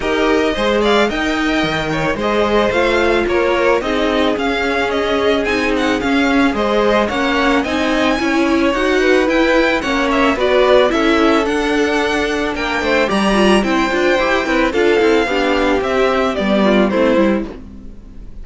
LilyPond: <<
  \new Staff \with { instrumentName = "violin" } { \time 4/4 \tempo 4 = 110 dis''4. f''8 g''2 | dis''4 f''4 cis''4 dis''4 | f''4 dis''4 gis''8 fis''8 f''4 | dis''4 fis''4 gis''2 |
fis''4 g''4 fis''8 e''8 d''4 | e''4 fis''2 g''4 | ais''4 g''2 f''4~ | f''4 e''4 d''4 c''4 | }
  \new Staff \with { instrumentName = "violin" } { \time 4/4 ais'4 c''8 d''8 dis''4. cis''8 | c''2 ais'4 gis'4~ | gis'1 | c''4 cis''4 dis''4 cis''4~ |
cis''8 b'4. cis''4 b'4 | a'2. ais'8 c''8 | d''4 c''4. b'8 a'4 | g'2~ g'8 f'8 e'4 | }
  \new Staff \with { instrumentName = "viola" } { \time 4/4 g'4 gis'4 ais'2 | gis'4 f'2 dis'4 | cis'2 dis'4 cis'4 | gis'4 cis'4 dis'4 e'4 |
fis'4 e'4 cis'4 fis'4 | e'4 d'2. | g'8 f'8 e'8 f'8 g'8 e'8 f'8 e'8 | d'4 c'4 b4 c'8 e'8 | }
  \new Staff \with { instrumentName = "cello" } { \time 4/4 dis'4 gis4 dis'4 dis4 | gis4 a4 ais4 c'4 | cis'2 c'4 cis'4 | gis4 ais4 c'4 cis'4 |
dis'4 e'4 ais4 b4 | cis'4 d'2 ais8 a8 | g4 c'8 d'8 e'8 c'8 d'8 c'8 | b4 c'4 g4 a8 g8 | }
>>